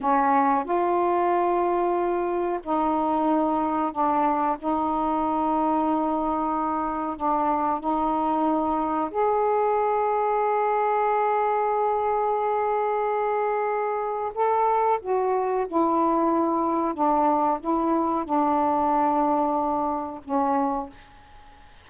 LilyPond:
\new Staff \with { instrumentName = "saxophone" } { \time 4/4 \tempo 4 = 92 cis'4 f'2. | dis'2 d'4 dis'4~ | dis'2. d'4 | dis'2 gis'2~ |
gis'1~ | gis'2 a'4 fis'4 | e'2 d'4 e'4 | d'2. cis'4 | }